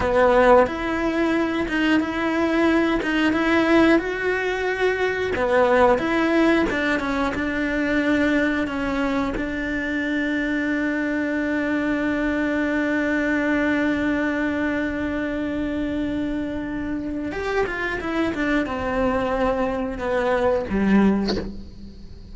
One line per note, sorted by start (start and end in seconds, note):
0.00 0.66 B3
0.66 1.66 E4
1.68 1.99 D#4
1.99 2.99 E4
3.02 3.32 D#4
3.32 3.98 E4
3.98 5.32 F#4
5.35 5.98 B3
5.98 6.65 E4
6.70 6.99 D4
6.99 7.33 C#4
7.34 8.67 D4
8.67 9.33 C#4
9.36 17.32 D4
17.32 17.65 G4
17.66 17.99 F4
18.00 18.33 E4
18.34 18.65 D4
18.65 19.98 C4
19.98 20.65 B3
20.69 21.36 G3